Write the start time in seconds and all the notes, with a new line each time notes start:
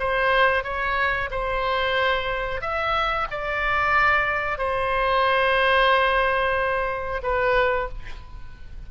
0.00 C5
0.64 C#5
1.31 C5
2.62 E5
3.31 D5
4.59 C5
7.23 B4